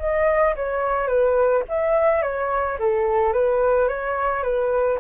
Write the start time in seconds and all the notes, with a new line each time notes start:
0.00 D#5
0.56 C#5
1.08 B4
1.69 E5
2.22 C#5
2.80 A4
3.34 B4
3.88 C#5
4.43 B4